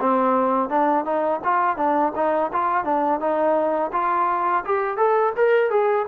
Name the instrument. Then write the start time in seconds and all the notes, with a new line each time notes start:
trombone
0.00 C4
0.69 D4
1.05 D#4
1.44 F4
1.77 D4
2.15 D#4
2.52 F4
2.84 D4
3.20 D#4
3.92 F4
4.65 G4
4.97 A4
5.36 A#4
5.70 G#4